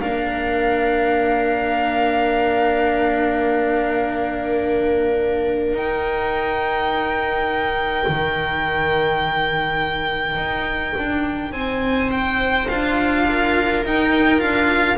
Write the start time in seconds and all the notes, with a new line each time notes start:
0.00 A#3 D4 A#4 F5
5.74 D#4 G5
8.08 D#3
10.36 D#4
10.98 D4
11.52 C4 C5 G#5
12.12 G5
12.69 D4 F4 F5
13.29 A#4
13.85 D#4 G5
14.38 D4 F4 F5